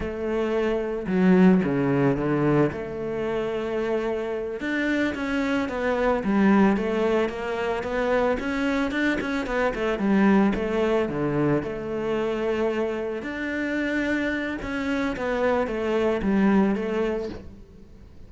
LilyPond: \new Staff \with { instrumentName = "cello" } { \time 4/4 \tempo 4 = 111 a2 fis4 cis4 | d4 a2.~ | a8 d'4 cis'4 b4 g8~ | g8 a4 ais4 b4 cis'8~ |
cis'8 d'8 cis'8 b8 a8 g4 a8~ | a8 d4 a2~ a8~ | a8 d'2~ d'8 cis'4 | b4 a4 g4 a4 | }